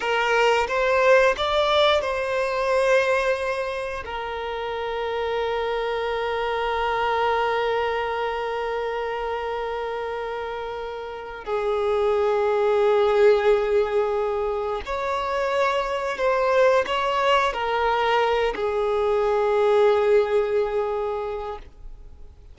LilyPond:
\new Staff \with { instrumentName = "violin" } { \time 4/4 \tempo 4 = 89 ais'4 c''4 d''4 c''4~ | c''2 ais'2~ | ais'1~ | ais'1~ |
ais'4 gis'2.~ | gis'2 cis''2 | c''4 cis''4 ais'4. gis'8~ | gis'1 | }